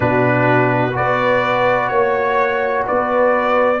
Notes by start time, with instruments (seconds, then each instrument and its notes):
0.00 tuba B2, trombone D4, horn F#4, trumpet B4
0.91 trombone F#4, horn B4, trumpet D5
0.99 tuba B3
1.88 tuba A#3, trumpet C#5, horn C#5
2.86 tuba B3, horn B4, trumpet D5